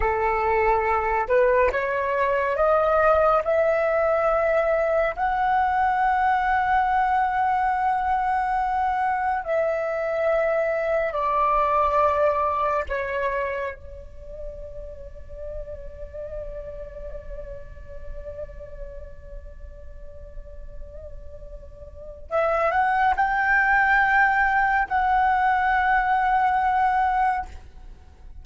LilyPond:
\new Staff \with { instrumentName = "flute" } { \time 4/4 \tempo 4 = 70 a'4. b'8 cis''4 dis''4 | e''2 fis''2~ | fis''2. e''4~ | e''4 d''2 cis''4 |
d''1~ | d''1~ | d''2 e''8 fis''8 g''4~ | g''4 fis''2. | }